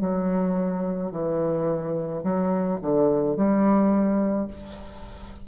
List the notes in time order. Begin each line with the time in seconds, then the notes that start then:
0.00 F#3
1.12 E3
2.23 F#3
2.82 D3
3.36 G3